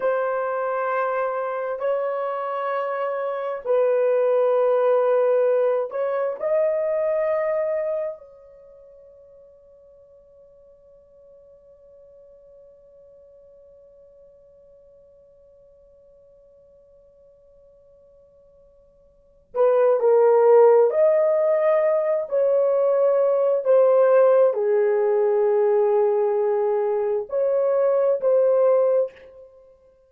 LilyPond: \new Staff \with { instrumentName = "horn" } { \time 4/4 \tempo 4 = 66 c''2 cis''2 | b'2~ b'8 cis''8 dis''4~ | dis''4 cis''2.~ | cis''1~ |
cis''1~ | cis''4. b'8 ais'4 dis''4~ | dis''8 cis''4. c''4 gis'4~ | gis'2 cis''4 c''4 | }